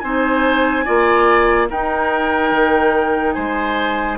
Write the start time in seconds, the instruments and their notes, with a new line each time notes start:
0.00 bassoon C4, clarinet D#4, oboe C5, flute G#5
0.85 bassoon A#3, clarinet F4, oboe D5
1.69 clarinet D#4, bassoon D#4, oboe A#4, flute G5
2.52 bassoon D#3
3.32 bassoon G#3, oboe C5, flute G#5